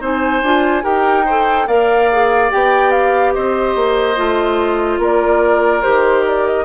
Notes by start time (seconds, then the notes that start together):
0.00 C4 D#4 C5 G#5
0.42 D4 F4
0.82 D#4 G4 A#4 G5
1.25 A4 C5
1.67 A#3 A#4 D5 F5
2.12 G#4
2.50 B3 G4 G5
2.91 F5
3.33 C4 C5 D#5
3.75 A#3
4.16 A3 F4
4.98 A#3 A#4 D5
5.82 D#3 G4 C5
6.27 D5
6.47 D#5